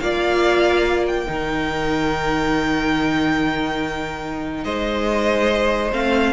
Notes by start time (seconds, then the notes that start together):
0.00 A#3 F4 D5 F5
1.07 G5
1.26 D#3 D#4 A#4
4.64 G#3 C5 D#5
5.91 A3 C4 F5